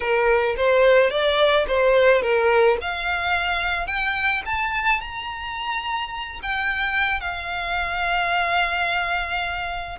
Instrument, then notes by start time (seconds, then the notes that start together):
violin
0.00 A#4
0.57 C5
1.10 D5
1.67 C5
2.22 A#4
2.81 F5
3.86 G5
4.45 A5
5.01 A#5
6.42 G5
7.20 F5